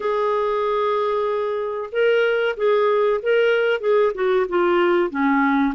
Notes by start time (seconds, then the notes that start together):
0.00 G#4
1.91 A#4
2.56 G#4
3.22 A#4
3.80 G#4
4.14 F#4
4.48 F4
5.10 C#4